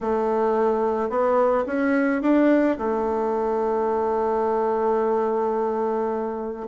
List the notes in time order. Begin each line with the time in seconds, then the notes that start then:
0.01 A3
1.09 B3
1.66 C#4
2.22 D4
2.78 A3